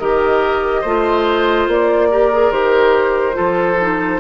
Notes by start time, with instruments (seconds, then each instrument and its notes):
0.00 bassoon D#3, clarinet G4, oboe A#4, flute D#5
0.82 bassoon A3, clarinet F4, oboe C5
1.68 bassoon A#3, flute D5
2.11 clarinet G4, oboe A#4
2.33 clarinet G#4
2.52 bassoon D#3, clarinet G4, flute C5
3.34 bassoon F3, clarinet F4, oboe A4
3.82 clarinet D#4